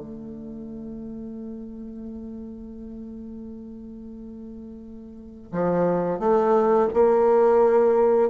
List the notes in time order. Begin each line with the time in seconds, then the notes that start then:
0.00 A3
5.52 F3
6.19 A3
6.94 A#3